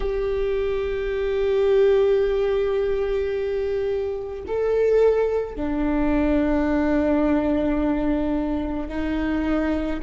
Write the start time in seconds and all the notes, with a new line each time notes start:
0.00 G4
4.47 A4
5.55 D4
8.88 D#4